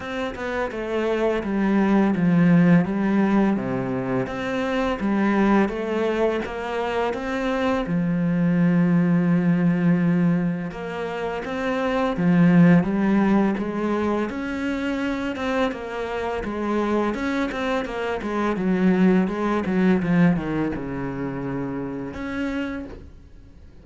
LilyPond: \new Staff \with { instrumentName = "cello" } { \time 4/4 \tempo 4 = 84 c'8 b8 a4 g4 f4 | g4 c4 c'4 g4 | a4 ais4 c'4 f4~ | f2. ais4 |
c'4 f4 g4 gis4 | cis'4. c'8 ais4 gis4 | cis'8 c'8 ais8 gis8 fis4 gis8 fis8 | f8 dis8 cis2 cis'4 | }